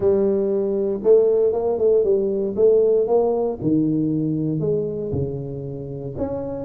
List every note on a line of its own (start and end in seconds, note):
0.00 1.00 G3
1.03 1.52 A3
1.52 1.78 A#3
1.78 2.03 A3
2.03 2.55 G3
2.56 3.07 A3
3.07 3.58 A#3
3.61 4.60 D#3
4.60 5.11 G#3
5.12 6.14 C#3
6.17 6.65 C#4